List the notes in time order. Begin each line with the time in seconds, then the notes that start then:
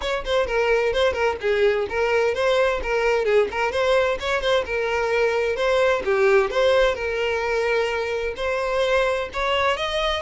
0.01 C#5
0.25 C5
0.46 A#4
0.93 C5
1.13 A#4
1.40 G#4
1.89 A#4
2.34 C5
2.82 A#4
3.25 G#4
3.51 A#4
3.71 C5
4.19 C#5
4.41 C5
4.65 A#4
5.56 C5
6.05 G4
6.50 C5
6.94 A#4
8.36 C5
9.33 C#5
9.77 D#5